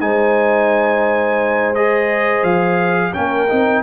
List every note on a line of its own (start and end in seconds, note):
0.00 2.43 G#3
0.00 1.75 D#4
0.00 3.15 C5
0.00 1.74 G#5
1.75 3.13 G#4
1.75 2.43 D#5
2.43 3.12 F3
2.43 3.13 F5
3.13 3.51 A#3
3.13 3.48 C#4
3.13 3.83 A#4
3.13 3.83 G5
3.49 3.83 C4
3.49 3.83 D#4